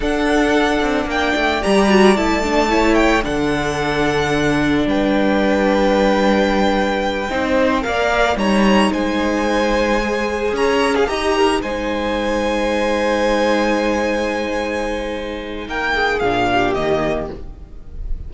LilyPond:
<<
  \new Staff \with { instrumentName = "violin" } { \time 4/4 \tempo 4 = 111 fis''2 g''4 ais''4 | a''4. g''8 fis''2~ | fis''4 g''2.~ | g''2~ g''8 f''4 ais''8~ |
ais''8 gis''2. ais''8~ | ais''16 gis'16 ais''4 gis''2~ gis''8~ | gis''1~ | gis''4 g''4 f''4 dis''4 | }
  \new Staff \with { instrumentName = "violin" } { \time 4/4 a'2 d''2~ | d''4 cis''4 a'2~ | a'4 b'2.~ | b'4. c''4 d''4 cis''8~ |
cis''8 c''2. cis''8~ | cis''16 f''16 dis''8 ais'8 c''2~ c''8~ | c''1~ | c''4 ais'8 gis'4 g'4. | }
  \new Staff \with { instrumentName = "viola" } { \time 4/4 d'2. g'8 fis'8 | e'8 d'8 e'4 d'2~ | d'1~ | d'4. dis'4 ais'4 dis'8~ |
dis'2~ dis'8 gis'4.~ | gis'8 g'4 dis'2~ dis'8~ | dis'1~ | dis'2 d'4 ais4 | }
  \new Staff \with { instrumentName = "cello" } { \time 4/4 d'4. c'8 ais8 a8 g4 | a2 d2~ | d4 g2.~ | g4. c'4 ais4 g8~ |
g8 gis2. cis'8~ | cis'8 dis'4 gis2~ gis8~ | gis1~ | gis4 ais4 ais,4 dis4 | }
>>